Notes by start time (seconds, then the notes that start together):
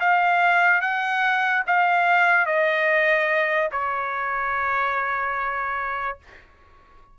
0.00 F5
0.81 F#5
1.67 F5
2.46 D#5
3.72 C#5